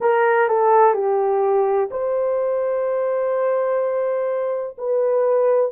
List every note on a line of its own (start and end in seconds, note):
0.00 0.48 A#4
0.48 0.94 A4
0.94 1.89 G4
1.90 4.76 C5
4.78 5.71 B4